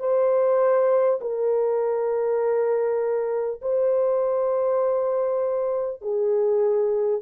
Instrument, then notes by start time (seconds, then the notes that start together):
horn
0.00 C5
1.21 A#4
3.62 C5
6.02 G#4